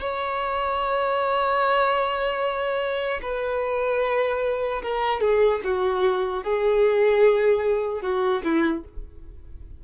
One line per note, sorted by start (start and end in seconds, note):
0.00 3.20 C#5
3.22 4.82 B4
4.82 5.20 A#4
5.20 5.60 G#4
5.64 6.43 F#4
6.43 8.01 G#4
8.01 8.41 F#4
8.44 8.84 E4